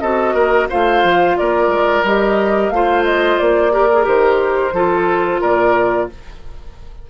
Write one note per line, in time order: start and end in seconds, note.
0.00 0.34 C4
0.00 0.70 F#4
0.00 0.34 A4
0.00 0.67 D#5
0.34 0.67 A#3
0.34 0.68 A#4
0.69 1.03 A3
0.69 2.04 F4
0.69 1.37 C5
0.69 1.37 F5
1.03 1.37 F3
1.37 1.67 A#3
1.37 2.74 A#4
1.37 2.05 D5
1.67 2.01 G#3
2.03 2.70 G3
2.03 2.73 G4
2.03 2.70 D#5
2.70 3.37 A3
2.70 3.71 F4
2.70 3.73 C5
2.70 3.04 F5
3.04 3.38 D#5
3.38 4.07 A#3
3.38 4.06 D5
3.71 3.88 G4
3.71 4.74 A#4
3.92 4.04 G#4
4.04 4.72 D#3
4.04 4.71 G4
4.04 5.42 C5
4.72 5.40 F3
4.72 6.10 F4
4.72 5.41 A4
5.41 6.09 A#2
5.41 6.08 A#4
5.41 6.09 D5